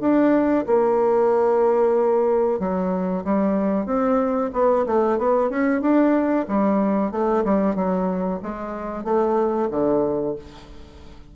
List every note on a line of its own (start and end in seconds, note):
0.00 0.65 D4
0.66 2.59 A#3
2.59 3.24 F#3
3.24 3.86 G3
3.86 4.50 C4
4.53 4.85 B3
4.86 5.18 A3
5.18 5.50 B3
5.50 5.81 C#4
5.81 6.45 D4
6.48 7.11 G3
7.11 7.43 A3
7.45 7.75 G3
7.75 8.40 F#3
8.43 9.04 G#3
9.04 9.69 A3
9.71 10.35 D3